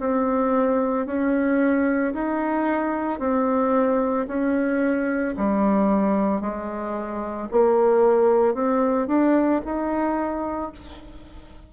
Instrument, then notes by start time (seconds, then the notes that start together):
bassoon
0.00 C4
1.06 C#4
2.14 D#4
3.19 C4
4.28 C#4
5.37 G3
6.41 G#3
7.51 A#3
8.54 C4
9.07 D4
9.65 D#4